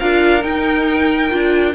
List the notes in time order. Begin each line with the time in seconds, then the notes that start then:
0.00 D4 F4 A#4 F5
0.41 D#4 G5
1.30 D4 F4